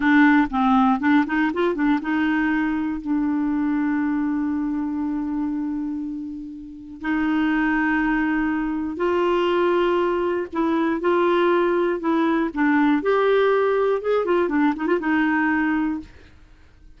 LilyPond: \new Staff \with { instrumentName = "clarinet" } { \time 4/4 \tempo 4 = 120 d'4 c'4 d'8 dis'8 f'8 d'8 | dis'2 d'2~ | d'1~ | d'2 dis'2~ |
dis'2 f'2~ | f'4 e'4 f'2 | e'4 d'4 g'2 | gis'8 f'8 d'8 dis'16 f'16 dis'2 | }